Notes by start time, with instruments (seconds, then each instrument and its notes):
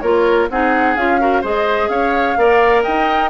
0.00 bassoon A#3, clarinet F4, oboe A#4, flute C#5
0.50 bassoon C4, clarinet D#4, oboe G#4, flute F#5
0.96 bassoon C#4, clarinet F4, flute F5
1.20 clarinet F#4, oboe A#4
1.41 bassoon G#3, clarinet G#4, oboe C5, flute D#5
1.89 bassoon C#4, oboe C#5, flute F5
2.37 bassoon A#3, clarinet A#4, oboe D5
2.83 bassoon D#4, oboe D#5, flute G5